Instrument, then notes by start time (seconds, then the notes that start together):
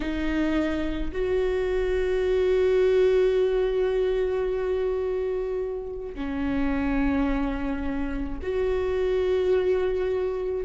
viola
0.00 D#4
1.12 F#4
6.14 C#4
8.42 F#4